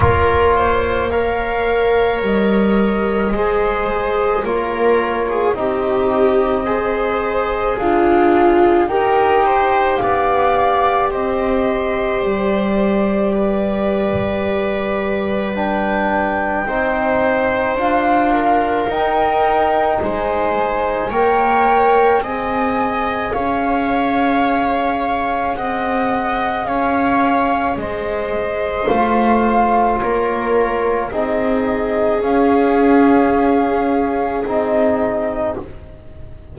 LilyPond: <<
  \new Staff \with { instrumentName = "flute" } { \time 4/4 \tempo 4 = 54 cis''4 f''4 dis''2 | cis''4 dis''2 f''4 | g''4 f''4 dis''4 d''4~ | d''2 g''2 |
f''4 g''4 gis''4 g''4 | gis''4 f''2 fis''4 | f''4 dis''4 f''4 cis''4 | dis''4 f''2 dis''4 | }
  \new Staff \with { instrumentName = "viola" } { \time 4/4 ais'8 c''8 cis''2 c''4 | ais'8. gis'16 g'4 c''4 f'4 | ais'8 c''8 d''4 c''2 | b'2. c''4~ |
c''8 ais'4. c''4 cis''4 | dis''4 cis''2 dis''4 | cis''4 c''2 ais'4 | gis'1 | }
  \new Staff \with { instrumentName = "trombone" } { \time 4/4 f'4 ais'2 gis'4 | f'4 dis'4 gis'2 | g'1~ | g'2 d'4 dis'4 |
f'4 dis'2 ais'4 | gis'1~ | gis'2 f'2 | dis'4 cis'2 dis'4 | }
  \new Staff \with { instrumentName = "double bass" } { \time 4/4 ais2 g4 gis4 | ais4 c'2 d'4 | dis'4 b4 c'4 g4~ | g2. c'4 |
d'4 dis'4 gis4 ais4 | c'4 cis'2 c'4 | cis'4 gis4 a4 ais4 | c'4 cis'2 c'4 | }
>>